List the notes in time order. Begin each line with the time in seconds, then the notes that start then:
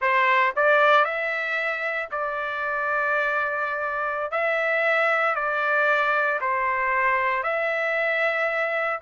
0.01 C5
0.55 D5
1.04 E5
2.11 D5
4.31 E5
5.35 D5
6.41 C5
7.43 E5